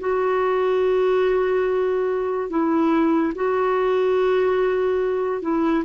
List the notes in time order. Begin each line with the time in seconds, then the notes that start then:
0.00 F#4
2.50 E4
3.35 F#4
5.42 E4